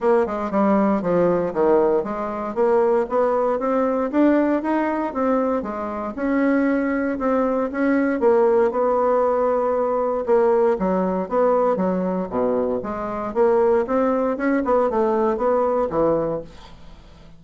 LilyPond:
\new Staff \with { instrumentName = "bassoon" } { \time 4/4 \tempo 4 = 117 ais8 gis8 g4 f4 dis4 | gis4 ais4 b4 c'4 | d'4 dis'4 c'4 gis4 | cis'2 c'4 cis'4 |
ais4 b2. | ais4 fis4 b4 fis4 | b,4 gis4 ais4 c'4 | cis'8 b8 a4 b4 e4 | }